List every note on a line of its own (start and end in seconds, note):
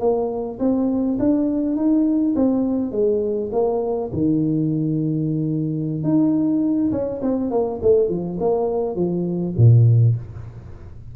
0.00 0.59 A#3
0.59 1.18 C4
1.20 1.76 D4
1.76 2.35 D#4
2.36 2.92 C4
2.92 3.51 G#3
3.52 4.11 A#3
4.13 6.03 D#3
6.03 6.91 D#4
6.92 7.21 C#4
7.22 7.51 C4
7.51 7.80 A#3
7.82 8.09 A3
8.09 8.39 F3
8.40 8.96 A#3
8.96 9.55 F3
9.57 10.16 A#2